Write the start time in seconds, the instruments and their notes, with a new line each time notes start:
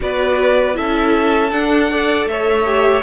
0.00 cello B3, viola F#4, violin B4 D5
0.73 cello C#4, viola E4, violin A4 E5
1.51 viola D4, cello D4, violin F#5
1.90 viola A4, violin D5
2.26 cello A3, violin C#5 E5
2.65 viola G4